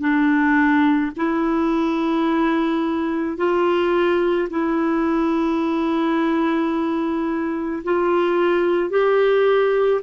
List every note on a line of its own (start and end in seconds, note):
0.00 1.11 D4
1.16 3.37 E4
3.37 4.48 F4
4.49 7.83 E4
7.84 8.89 F4
8.89 10.01 G4